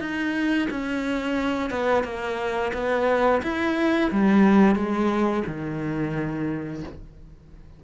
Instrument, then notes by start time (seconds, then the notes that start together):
cello
0.00 D#4
0.70 C#4
1.70 B3
2.04 A#3
2.74 B3
3.43 E4
4.12 G3
4.75 G#3
5.47 D#3